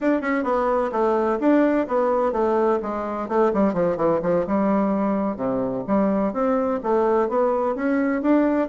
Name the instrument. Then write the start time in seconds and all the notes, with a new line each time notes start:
bassoon
0.00 D4
0.21 C#4
0.43 B3
0.92 A3
1.40 D4
1.87 B3
2.32 A3
2.82 G#3
3.28 A3
3.53 G3
3.73 F3
3.96 E3
4.22 F3
4.46 G3
5.36 C3
5.87 G3
6.33 C4
6.83 A3
7.28 B3
7.75 C#4
8.22 D4